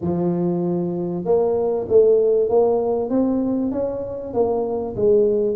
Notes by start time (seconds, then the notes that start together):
0.01 F3
1.25 A#3
1.88 A3
2.49 A#3
3.09 C4
3.71 C#4
4.33 A#3
4.96 G#3